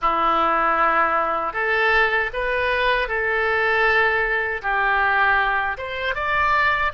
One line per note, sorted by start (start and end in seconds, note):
0.01 1.53 E4
1.53 2.30 A4
2.33 3.08 B4
3.08 4.62 A4
4.62 5.77 G4
5.77 6.15 C5
6.15 6.92 D5